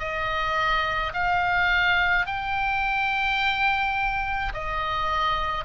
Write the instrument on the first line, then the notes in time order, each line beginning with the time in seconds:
oboe
0.00 D#5
1.14 F5
2.27 G5
4.54 D#5